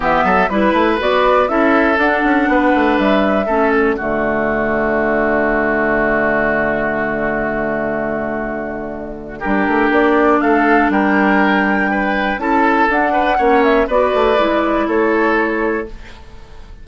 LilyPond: <<
  \new Staff \with { instrumentName = "flute" } { \time 4/4 \tempo 4 = 121 e''4 b'4 d''4 e''4 | fis''2 e''4. d''8~ | d''1~ | d''1~ |
d''2. ais'4 | d''4 f''4 g''2~ | g''4 a''4 fis''4. e''8 | d''2 cis''2 | }
  \new Staff \with { instrumentName = "oboe" } { \time 4/4 g'8 a'8 b'2 a'4~ | a'4 b'2 a'4 | fis'1~ | fis'1~ |
fis'2. g'4~ | g'4 a'4 ais'2 | b'4 a'4. b'8 cis''4 | b'2 a'2 | }
  \new Staff \with { instrumentName = "clarinet" } { \time 4/4 b4 e'4 fis'4 e'4 | d'2. cis'4 | a1~ | a1~ |
a2. d'4~ | d'1~ | d'4 e'4 d'4 cis'4 | fis'4 e'2. | }
  \new Staff \with { instrumentName = "bassoon" } { \time 4/4 e8 fis8 g8 a8 b4 cis'4 | d'8 cis'8 b8 a8 g4 a4 | d1~ | d1~ |
d2. g8 a8 | ais4 a4 g2~ | g4 cis'4 d'4 ais4 | b8 a8 gis4 a2 | }
>>